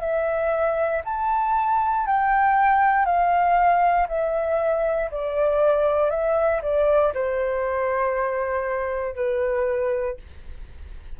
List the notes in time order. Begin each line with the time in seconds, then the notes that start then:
0.00 E5
1.04 A5
2.06 G5
3.05 F5
4.08 E5
5.11 D5
6.10 E5
6.62 D5
7.14 C5
9.15 B4